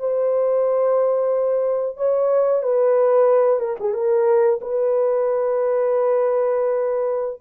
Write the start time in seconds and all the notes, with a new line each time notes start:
0.00 C5
1.97 C#5
2.63 B4
3.60 A#4
3.80 G#4
3.94 A#4
4.62 B4